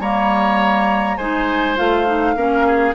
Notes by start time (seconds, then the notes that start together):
0.00 G3 A#3 C#5 A#5
1.17 G#3 D#4 C5 G#5
1.77 A3 F4 F5
2.06 D#4
2.36 A#3 C#4 A#4
2.67 G#4